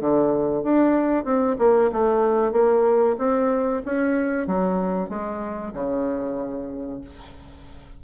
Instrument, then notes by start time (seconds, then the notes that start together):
bassoon
0.00 D3
0.63 D4
1.24 C4
1.58 A#3
1.92 A3
2.52 A#3
3.18 C4
3.85 C#4
4.47 F#3
5.09 G#3
5.73 C#3